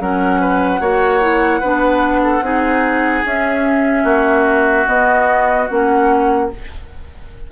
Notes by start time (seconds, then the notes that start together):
0.00 F#3 C#4 A#4 F#5
0.40 B4
0.80 A#3 F#4 C#5
1.20 E4
1.60 B3 D4 B4
2.23 A4
2.41 C4 D#4 G#4
3.25 C#4 E5
4.03 A#3 F#4
4.86 B3 D#5
5.69 A#3 C#4 F#5